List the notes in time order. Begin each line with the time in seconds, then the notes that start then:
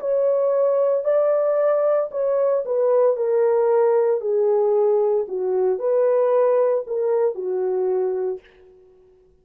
0.00 C#5
1.04 D5
2.11 C#5
2.66 B4
3.17 A#4
4.21 G#4
5.28 F#4
5.79 B4
6.87 A#4
7.35 F#4